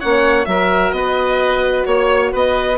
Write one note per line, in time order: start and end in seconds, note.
0.00 0.47 A#3
0.00 0.46 C#4
0.00 0.47 C#5
0.00 0.46 F#5
0.46 0.92 F#3
0.46 2.78 F#4
0.46 0.96 A#4
0.46 0.92 E5
0.92 1.85 B3
0.92 1.88 B4
0.92 1.85 D#5
1.86 2.33 A#3
1.86 2.32 C#5
1.86 2.33 C#5
2.33 2.78 B3
2.33 2.78 B4
2.33 2.78 D#5